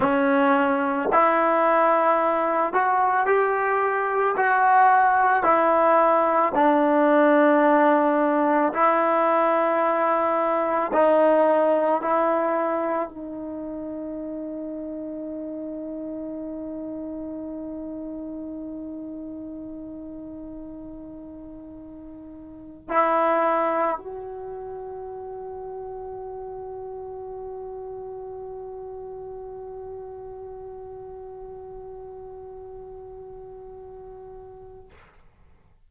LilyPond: \new Staff \with { instrumentName = "trombone" } { \time 4/4 \tempo 4 = 55 cis'4 e'4. fis'8 g'4 | fis'4 e'4 d'2 | e'2 dis'4 e'4 | dis'1~ |
dis'1~ | dis'4 e'4 fis'2~ | fis'1~ | fis'1 | }